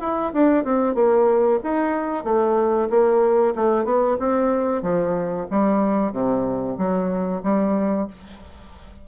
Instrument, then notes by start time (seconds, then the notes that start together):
bassoon
0.00 E4
0.33 D4
0.64 C4
0.95 A#3
1.63 D#4
2.24 A3
2.90 A#3
3.55 A3
3.85 B3
4.19 C4
4.82 F3
5.50 G3
6.12 C3
6.78 F#3
7.43 G3